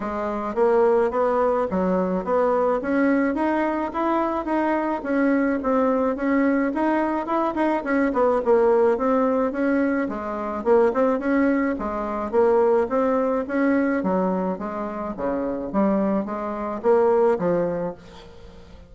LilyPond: \new Staff \with { instrumentName = "bassoon" } { \time 4/4 \tempo 4 = 107 gis4 ais4 b4 fis4 | b4 cis'4 dis'4 e'4 | dis'4 cis'4 c'4 cis'4 | dis'4 e'8 dis'8 cis'8 b8 ais4 |
c'4 cis'4 gis4 ais8 c'8 | cis'4 gis4 ais4 c'4 | cis'4 fis4 gis4 cis4 | g4 gis4 ais4 f4 | }